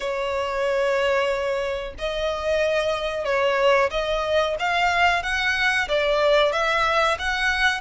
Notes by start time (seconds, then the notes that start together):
0.00 C#5
1.98 D#5
3.24 C#5
3.90 D#5
4.59 F5
5.23 F#5
5.88 D5
6.52 E5
7.18 F#5